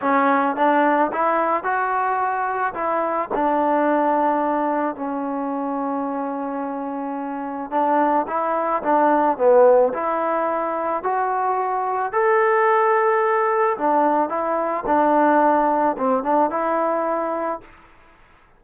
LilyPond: \new Staff \with { instrumentName = "trombone" } { \time 4/4 \tempo 4 = 109 cis'4 d'4 e'4 fis'4~ | fis'4 e'4 d'2~ | d'4 cis'2.~ | cis'2 d'4 e'4 |
d'4 b4 e'2 | fis'2 a'2~ | a'4 d'4 e'4 d'4~ | d'4 c'8 d'8 e'2 | }